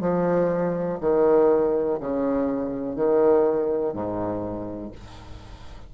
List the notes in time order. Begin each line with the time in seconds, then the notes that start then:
0.00 F3
1.00 D#3
2.00 C#3
2.96 D#3
3.93 G#2